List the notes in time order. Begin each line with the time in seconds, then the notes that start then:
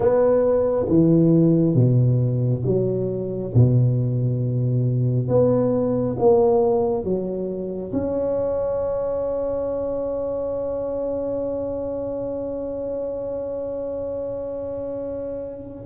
0.00 B3
0.88 E3
1.74 B2
2.65 F#3
3.54 B2
5.27 B3
6.18 A#3
7.03 F#3
7.92 C#4